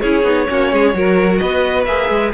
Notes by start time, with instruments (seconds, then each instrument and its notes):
0.00 cello C#4, viola E4, violin G#4 C#5
0.23 cello B3, viola D#4
0.48 cello A#3, viola C#4, violin F#4
0.72 cello G#3, violin G#4
0.93 cello F#3, viola F#4, violin A#4
1.37 cello B3, violin B4 D#5
1.85 cello A#3, viola G#4, violin E5
2.09 cello G#3